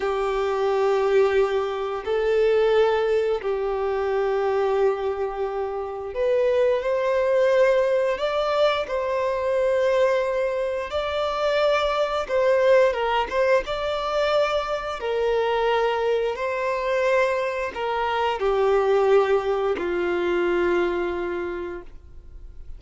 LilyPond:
\new Staff \with { instrumentName = "violin" } { \time 4/4 \tempo 4 = 88 g'2. a'4~ | a'4 g'2.~ | g'4 b'4 c''2 | d''4 c''2. |
d''2 c''4 ais'8 c''8 | d''2 ais'2 | c''2 ais'4 g'4~ | g'4 f'2. | }